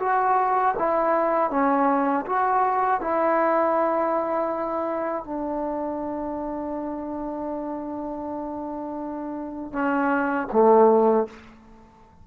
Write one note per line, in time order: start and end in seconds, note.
0.00 0.75 F#4
0.78 1.51 E4
1.51 2.26 C#4
2.26 3.01 F#4
3.01 5.25 E4
5.25 9.73 D4
9.73 10.48 C#4
10.52 11.27 A3